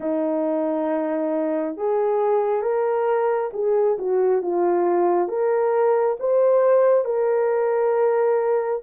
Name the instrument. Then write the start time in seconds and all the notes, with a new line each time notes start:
horn
0.00 D#4
1.76 G#4
2.62 A#4
3.53 G#4
3.98 F#4
4.42 F4
5.28 A#4
6.19 C5
7.05 A#4